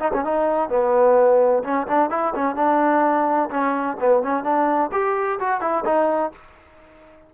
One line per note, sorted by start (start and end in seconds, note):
0.00 0.12 D#4
0.14 0.25 C#4
0.25 0.70 D#4
0.70 1.63 B3
1.64 1.87 C#4
1.87 2.11 D4
2.11 2.34 E4
2.35 2.56 C#4
2.56 3.50 D4
3.51 3.98 C#4
4.01 4.23 B3
4.23 4.44 C#4
4.44 4.91 D4
4.93 5.39 G4
5.40 5.61 F#4
5.61 5.84 E4
5.86 6.33 D#4